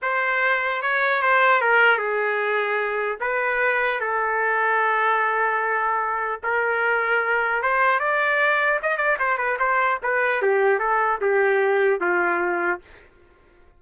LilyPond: \new Staff \with { instrumentName = "trumpet" } { \time 4/4 \tempo 4 = 150 c''2 cis''4 c''4 | ais'4 gis'2. | b'2 a'2~ | a'1 |
ais'2. c''4 | d''2 dis''8 d''8 c''8 b'8 | c''4 b'4 g'4 a'4 | g'2 f'2 | }